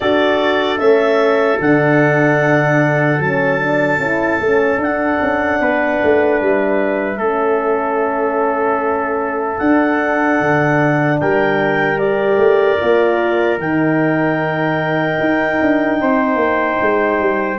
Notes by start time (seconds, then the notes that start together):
0.00 D4 F#4 A4 D5
0.78 A3 C#4 E5
1.60 D3 D4 F#5
3.19 F#3 C#4 A5
3.59 D4
3.98 C#4 E4
4.39 A3 C#4
4.78 D4 F#5
5.21 C#4
5.60 B3 B4
6.03 A3
6.41 G3 E5
7.18 A3 C#4 A4
9.58 D4 F#5
10.40 D3
11.19 G3 A#4 G5
11.98 G4 D5
12.36 A3
12.80 A#3 F4
13.58 D#3 D#4 G5
15.20 D#4
15.61 D4
16.01 C4 C5
16.35 A#3
16.81 G#3
17.19 G3